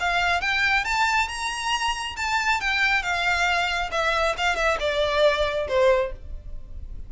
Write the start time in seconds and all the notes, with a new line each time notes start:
0.00 F5
0.41 G5
0.85 A5
1.28 A#5
2.17 A5
2.61 G5
3.03 F5
3.92 E5
4.38 F5
4.56 E5
4.80 D5
5.68 C5